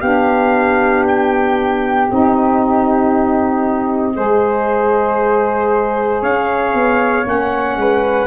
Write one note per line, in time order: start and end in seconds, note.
0.00 2.09 B3
0.00 2.08 D4
0.00 4.14 G4
0.00 1.04 F5
1.07 2.09 G5
2.08 4.17 C4
2.08 4.14 D#4
2.08 6.23 D#5
4.14 6.22 G#3
4.14 7.23 G#4
4.14 6.22 C5
6.22 6.73 C#4
6.22 7.77 C#5
6.22 7.26 F5
6.73 7.25 B3
7.23 7.76 A#3
7.23 8.27 C#4
7.23 8.27 F#5
7.76 8.27 G#3
7.76 8.27 B4